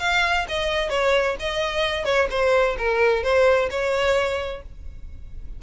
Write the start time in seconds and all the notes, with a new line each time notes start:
0.00 F5
0.49 D#5
0.90 C#5
1.40 D#5
2.05 C#5
2.31 C5
2.78 A#4
3.23 C5
3.70 C#5